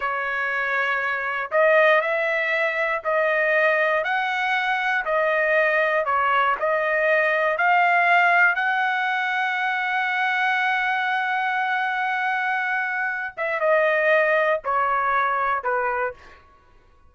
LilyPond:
\new Staff \with { instrumentName = "trumpet" } { \time 4/4 \tempo 4 = 119 cis''2. dis''4 | e''2 dis''2 | fis''2 dis''2 | cis''4 dis''2 f''4~ |
f''4 fis''2.~ | fis''1~ | fis''2~ fis''8 e''8 dis''4~ | dis''4 cis''2 b'4 | }